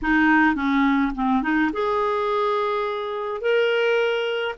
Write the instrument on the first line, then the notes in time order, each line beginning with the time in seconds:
clarinet
0.02 D#4
0.55 C#4
1.15 C4
1.42 D#4
1.72 G#4
3.41 A#4